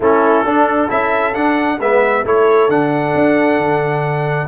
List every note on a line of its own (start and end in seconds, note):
0.00 0.44 A3
0.00 0.46 C#4
0.00 0.44 E4
0.00 0.90 A4
0.44 0.89 D4
0.44 1.78 A4
0.89 1.35 C#4
0.89 1.33 E4
0.89 1.34 E5
1.33 1.78 D4
1.33 1.79 D4
1.33 1.79 F#5
1.79 2.24 G#3
1.79 2.25 B3
1.79 2.25 B4
1.79 2.25 E5
2.24 2.68 A3
2.24 2.69 E4
2.24 4.47 A4
2.24 2.70 C#5
2.68 3.13 D3
2.68 4.47 D4
2.68 4.47 F#5
3.14 3.58 D4
3.58 4.47 D3